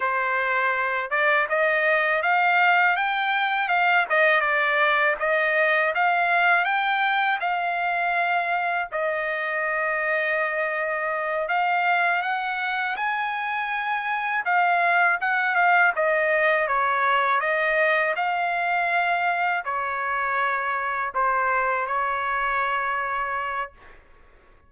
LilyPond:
\new Staff \with { instrumentName = "trumpet" } { \time 4/4 \tempo 4 = 81 c''4. d''8 dis''4 f''4 | g''4 f''8 dis''8 d''4 dis''4 | f''4 g''4 f''2 | dis''2.~ dis''8 f''8~ |
f''8 fis''4 gis''2 f''8~ | f''8 fis''8 f''8 dis''4 cis''4 dis''8~ | dis''8 f''2 cis''4.~ | cis''8 c''4 cis''2~ cis''8 | }